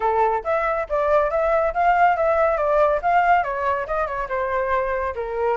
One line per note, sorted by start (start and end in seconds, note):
0.00 0.43 A4
0.44 0.87 E5
0.89 1.30 D5
1.30 1.73 E5
1.73 2.16 F5
2.16 2.57 E5
2.57 3.00 D5
3.02 3.43 F5
3.43 3.86 C#5
3.86 4.06 D#5
4.06 4.28 C#5
4.28 5.14 C5
5.15 5.57 A#4